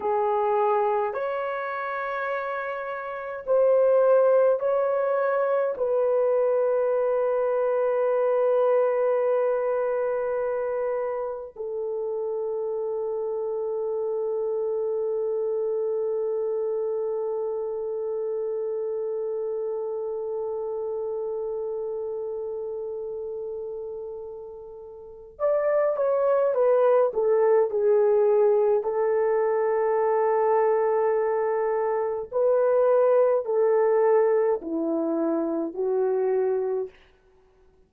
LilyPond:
\new Staff \with { instrumentName = "horn" } { \time 4/4 \tempo 4 = 52 gis'4 cis''2 c''4 | cis''4 b'2.~ | b'2 a'2~ | a'1~ |
a'1~ | a'2 d''8 cis''8 b'8 a'8 | gis'4 a'2. | b'4 a'4 e'4 fis'4 | }